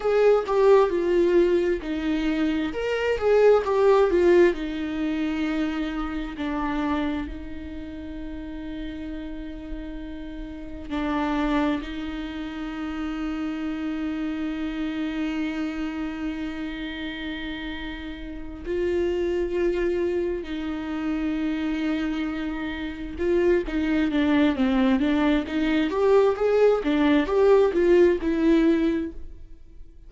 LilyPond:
\new Staff \with { instrumentName = "viola" } { \time 4/4 \tempo 4 = 66 gis'8 g'8 f'4 dis'4 ais'8 gis'8 | g'8 f'8 dis'2 d'4 | dis'1 | d'4 dis'2.~ |
dis'1~ | dis'8 f'2 dis'4.~ | dis'4. f'8 dis'8 d'8 c'8 d'8 | dis'8 g'8 gis'8 d'8 g'8 f'8 e'4 | }